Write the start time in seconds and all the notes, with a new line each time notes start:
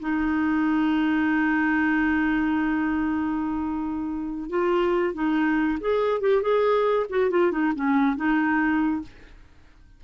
0.00 D#4
4.50 F4
5.14 D#4
5.80 G#4
6.21 G4
6.42 G#4
7.09 F#4
7.30 F4
7.52 D#4
7.75 C#4
8.16 D#4